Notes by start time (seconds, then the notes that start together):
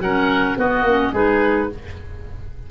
0.00 F#3 C#4 A#4 F#5
0.57 B3 F#4 D#5
0.83 A#3 C#4
1.13 G#3 D#4 G#4 B4